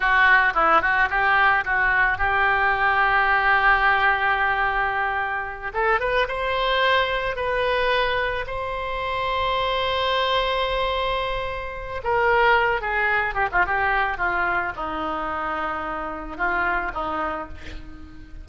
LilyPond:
\new Staff \with { instrumentName = "oboe" } { \time 4/4 \tempo 4 = 110 fis'4 e'8 fis'8 g'4 fis'4 | g'1~ | g'2~ g'8 a'8 b'8 c''8~ | c''4. b'2 c''8~ |
c''1~ | c''2 ais'4. gis'8~ | gis'8 g'16 f'16 g'4 f'4 dis'4~ | dis'2 f'4 dis'4 | }